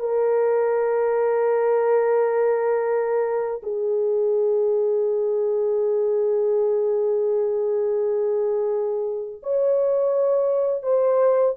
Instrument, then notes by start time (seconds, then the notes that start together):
horn
0.00 A#4
3.63 G#4
9.43 C#5
10.83 C5